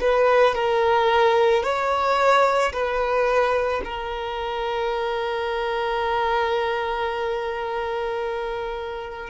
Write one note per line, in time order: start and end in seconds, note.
0.00 0.55 B4
0.55 1.63 A#4
1.63 2.72 C#5
2.72 3.81 B4
3.84 9.29 A#4